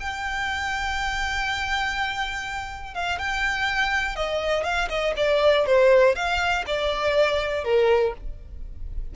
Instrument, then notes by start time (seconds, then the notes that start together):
violin
0.00 G5
2.95 F5
3.19 G5
4.16 D#5
4.64 F5
4.89 D#5
5.17 D5
5.67 C5
6.16 F5
6.67 D5
7.65 A#4